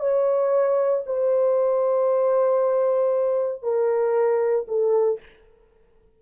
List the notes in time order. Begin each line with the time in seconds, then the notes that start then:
0.00 C#5
1.07 C5
3.63 A#4
4.68 A4